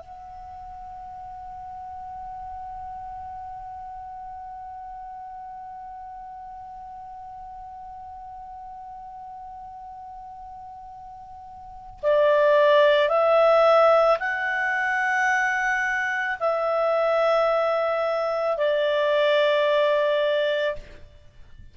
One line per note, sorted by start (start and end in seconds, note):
0.00 12.00 F#5
12.02 13.09 D5
13.09 14.18 E5
14.19 16.37 F#5
16.40 18.58 E5
18.58 20.76 D5